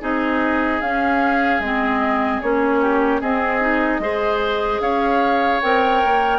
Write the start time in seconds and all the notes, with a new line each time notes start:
0.00 C4 D#4 G#4 D#5
0.81 C#4 F5
1.59 G#3 C4 D#5
2.41 A#3 C#4 C#5
2.80 G4
3.21 C4 G#4 D#5
3.61 D#4
3.99 G#3 G#4 C5
4.80 C#4 C#5 F5
5.61 C4 A#4 G5
6.05 A#3